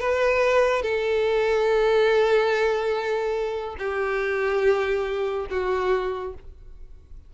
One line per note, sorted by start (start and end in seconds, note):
0.00 0.83 B4
0.83 3.76 A4
3.79 5.47 G4
5.51 6.35 F#4